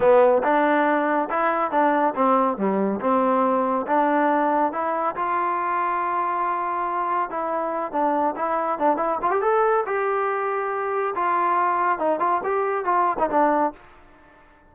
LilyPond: \new Staff \with { instrumentName = "trombone" } { \time 4/4 \tempo 4 = 140 b4 d'2 e'4 | d'4 c'4 g4 c'4~ | c'4 d'2 e'4 | f'1~ |
f'4 e'4. d'4 e'8~ | e'8 d'8 e'8 f'16 g'16 a'4 g'4~ | g'2 f'2 | dis'8 f'8 g'4 f'8. dis'16 d'4 | }